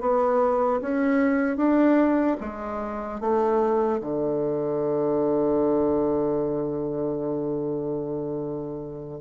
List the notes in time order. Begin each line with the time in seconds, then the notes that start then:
0.00 B3
0.81 C#4
1.56 D4
2.40 G#3
3.20 A3
4.00 D3